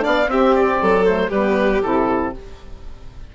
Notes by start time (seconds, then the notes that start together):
0.00 B3 D4 D5 F5
0.27 C4 G4 E5
0.55 D5
0.82 F#3 A4
1.04 A3 C5
1.29 G3 B3 G4 B4
1.83 C3 E4 A4